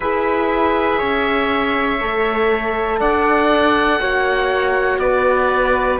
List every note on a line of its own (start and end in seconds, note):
0.00 1.00 E4
0.00 2.00 G#4
0.00 0.98 B4
0.00 2.99 E5
0.98 2.00 C#4
0.98 2.98 C#5
2.00 3.00 A3
2.00 4.00 A4
2.99 3.99 D4
2.99 3.99 D5
2.99 4.99 F#5
3.99 4.98 A#3
3.99 6.00 F#4
3.99 5.00 C#5
4.98 5.98 B3
4.98 6.00 B4
4.98 5.99 D5